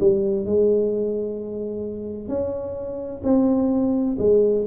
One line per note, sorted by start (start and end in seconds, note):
0.00 0.46 G3
0.46 2.29 G#3
2.29 3.22 C#4
3.24 4.17 C4
4.19 4.65 G#3